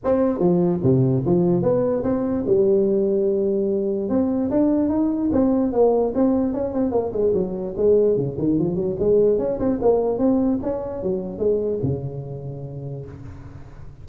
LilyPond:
\new Staff \with { instrumentName = "tuba" } { \time 4/4 \tempo 4 = 147 c'4 f4 c4 f4 | b4 c'4 g2~ | g2 c'4 d'4 | dis'4 c'4 ais4 c'4 |
cis'8 c'8 ais8 gis8 fis4 gis4 | cis8 dis8 f8 fis8 gis4 cis'8 c'8 | ais4 c'4 cis'4 fis4 | gis4 cis2. | }